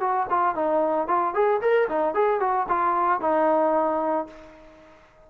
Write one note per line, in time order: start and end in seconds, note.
0.00 0.27 F#4
0.30 0.55 F4
0.55 1.07 D#4
1.07 1.34 F4
1.34 1.60 G#4
1.61 1.88 A#4
1.89 2.14 D#4
2.14 2.40 G#4
2.40 2.67 F#4
2.68 3.21 F4
3.21 4.27 D#4